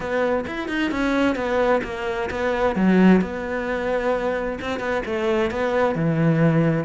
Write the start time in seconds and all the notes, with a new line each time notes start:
0.00 B3
0.47 E4
0.68 D#4
0.91 C#4
1.35 B3
1.83 A#3
2.30 B3
2.75 F#3
3.21 B3
4.61 C4
4.79 B3
5.05 A3
5.51 B3
5.95 E3